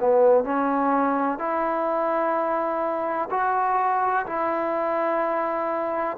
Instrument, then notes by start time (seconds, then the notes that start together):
trombone
0.00 B3
0.45 C#4
1.39 E4
3.31 F#4
4.27 E4